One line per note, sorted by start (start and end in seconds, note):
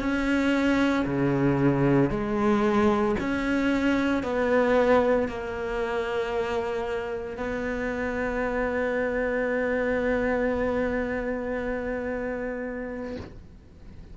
0.00 1.05 C#4
1.05 2.11 C#3
2.11 3.16 G#3
3.20 4.23 C#4
4.23 5.28 B3
5.28 7.37 A#3
7.37 13.16 B3